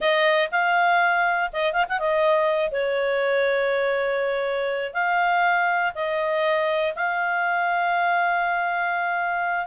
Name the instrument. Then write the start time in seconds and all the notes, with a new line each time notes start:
clarinet
0.00 D#5
0.51 F5
1.52 D#5
1.72 F5
1.88 F#5
1.99 D#5
2.71 C#5
4.93 F5
5.95 D#5
6.95 F5